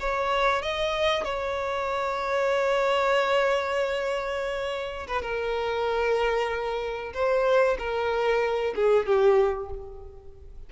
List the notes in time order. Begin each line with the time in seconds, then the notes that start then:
0.00 C#5
0.63 D#5
1.24 C#5
5.08 B4
5.22 A#4
7.14 C5
7.79 A#4
8.76 G#4
9.06 G4